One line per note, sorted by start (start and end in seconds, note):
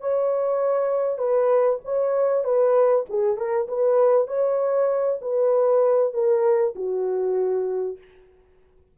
0.00 1.18 C#5
1.18 1.79 B4
1.84 2.44 C#5
2.44 3.05 B4
3.09 3.37 G#4
3.37 3.67 A#4
3.68 4.27 B4
4.27 5.19 C#5
5.21 6.13 B4
6.13 6.75 A#4
6.75 7.98 F#4